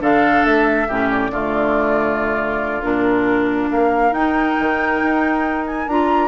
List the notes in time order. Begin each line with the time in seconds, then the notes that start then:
0.00 D3 D4 A4 F5
0.44 A3 E5
0.88 A2 C#4 G4
1.11 D5
1.30 D3 A3 F4
2.82 A#2 D4 A#4
3.69 A#3 A#4 F5
4.12 D#4 G5
4.59 D#3
5.02 D#4
5.66 G#5
5.87 D4 F4 A#5